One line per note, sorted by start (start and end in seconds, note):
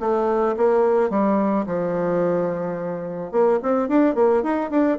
0.00 0.56 A3
0.57 1.10 A#3
1.10 1.66 G3
1.66 3.32 F3
3.32 3.59 A#3
3.63 3.89 C4
3.89 4.15 D4
4.15 4.43 A#3
4.43 4.71 D#4
4.71 4.98 D4